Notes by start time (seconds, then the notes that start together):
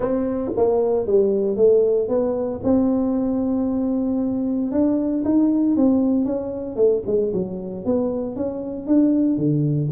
0.00 C4
0.56 A#3
1.06 G3
1.56 A3
2.08 B3
2.63 C4
4.71 D4
5.24 D#4
5.76 C4
6.25 C#4
6.76 A3
7.06 G#3
7.33 F#3
7.85 B3
8.36 C#4
8.86 D4
9.37 D3